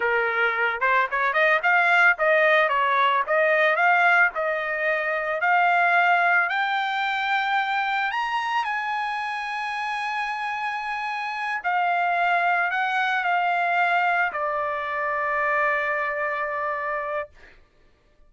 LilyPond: \new Staff \with { instrumentName = "trumpet" } { \time 4/4 \tempo 4 = 111 ais'4. c''8 cis''8 dis''8 f''4 | dis''4 cis''4 dis''4 f''4 | dis''2 f''2 | g''2. ais''4 |
gis''1~ | gis''4. f''2 fis''8~ | fis''8 f''2 d''4.~ | d''1 | }